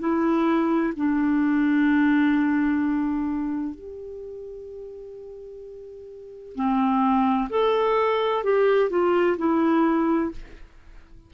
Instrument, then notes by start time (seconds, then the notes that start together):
clarinet
0.00 E4
0.97 D4
3.75 G4
6.56 C4
7.50 A4
8.44 G4
8.90 F4
9.38 E4